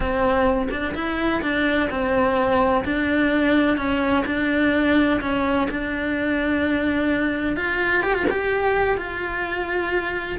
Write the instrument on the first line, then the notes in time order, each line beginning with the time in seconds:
cello
0.00 C4
0.70 D4
0.94 E4
1.42 D4
1.90 C4
2.85 D4
3.77 C#4
4.25 D4
5.21 C#4
5.70 D4
7.56 F4
8.02 G4
8.14 F4
8.30 G4
8.97 F4